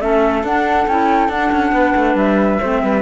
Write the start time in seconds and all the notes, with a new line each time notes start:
0.00 A3 C#4 A4 E5
0.44 D4 F#5
0.88 C#4 E4 G5
1.29 D4 F#5
1.52 C#4
1.72 B3 B4
1.96 A3
2.15 G3 E5
2.61 A3 C4 C5
2.83 G3 B4